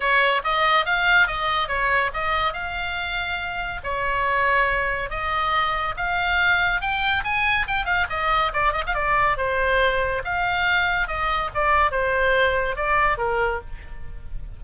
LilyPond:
\new Staff \with { instrumentName = "oboe" } { \time 4/4 \tempo 4 = 141 cis''4 dis''4 f''4 dis''4 | cis''4 dis''4 f''2~ | f''4 cis''2. | dis''2 f''2 |
g''4 gis''4 g''8 f''8 dis''4 | d''8 dis''16 f''16 d''4 c''2 | f''2 dis''4 d''4 | c''2 d''4 ais'4 | }